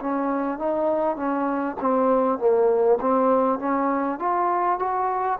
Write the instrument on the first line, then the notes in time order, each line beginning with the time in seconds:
trombone
0.00 C#4
0.59 D#4
1.16 C#4
1.81 C4
2.39 A#3
3.01 C4
3.59 C#4
4.19 F4
4.79 F#4